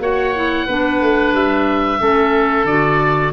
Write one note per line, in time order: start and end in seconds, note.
0.00 0.67 A#3
0.00 0.35 F#4
0.00 0.67 C#5
0.00 1.35 F#5
0.35 0.68 E4
0.67 1.01 B3
0.67 2.00 D4
0.67 2.00 B4
1.01 1.34 A3
1.34 2.01 G3
1.34 2.67 E5
2.00 2.65 A3
2.00 2.67 C#4
2.00 3.34 A4
2.65 3.32 D3
2.65 3.34 F#4
2.65 3.33 D5